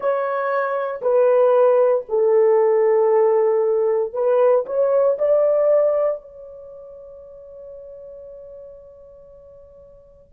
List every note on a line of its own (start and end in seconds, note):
0.00 1.00 C#5
1.01 2.05 B4
2.08 4.13 A4
4.13 4.65 B4
4.66 5.17 C#5
5.18 6.21 D5
6.21 10.32 C#5